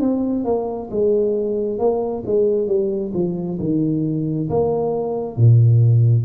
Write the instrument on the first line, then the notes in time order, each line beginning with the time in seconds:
tuba
0.00 C4
0.44 A#3
0.90 G#3
1.78 A#3
2.26 G#3
2.67 G3
3.13 F3
3.59 D#3
4.49 A#3
5.36 A#2